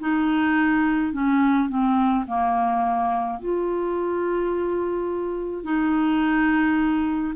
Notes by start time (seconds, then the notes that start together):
0.00 D#4
1.13 C#4
1.69 C4
2.27 A#3
3.40 F4
5.64 D#4